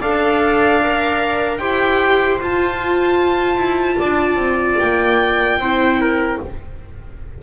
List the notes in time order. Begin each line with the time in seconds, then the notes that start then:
0.00 D4 A4 D5 F5
0.83 A#4
1.58 E4 G4 C5 G5
2.41 F4 A5
3.57 E4
3.99 D4 D5
4.36 C4
4.79 A#3 G5
5.58 C4 E4 C5
6.01 A#4